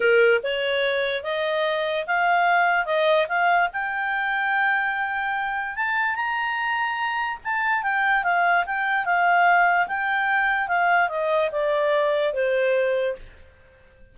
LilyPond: \new Staff \with { instrumentName = "clarinet" } { \time 4/4 \tempo 4 = 146 ais'4 cis''2 dis''4~ | dis''4 f''2 dis''4 | f''4 g''2.~ | g''2 a''4 ais''4~ |
ais''2 a''4 g''4 | f''4 g''4 f''2 | g''2 f''4 dis''4 | d''2 c''2 | }